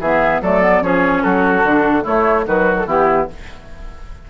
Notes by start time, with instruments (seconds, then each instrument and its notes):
0.00 bassoon E3, clarinet B3, oboe G#4, flute E5
0.41 bassoon F#3, clarinet A3, oboe A4, flute D5
0.62 clarinet B3
0.82 bassoon F3, clarinet C#4, oboe G#4, flute C#5
1.23 bassoon F#3, oboe F#4, flute A4
1.64 bassoon D3, clarinet D4
2.03 clarinet A3, bassoon A3, oboe E4, flute C#5
2.46 bassoon D#3, clarinet F#3, oboe F#4, flute B4
2.79 flute A4
2.87 bassoon E3, clarinet B3, oboe E4, flute G4